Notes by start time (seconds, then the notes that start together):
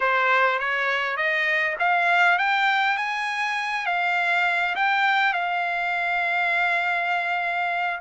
0.00 C5
0.59 C#5
1.16 D#5
1.79 F5
2.38 G5
2.97 G#5
3.86 F5
4.75 G5
5.33 F5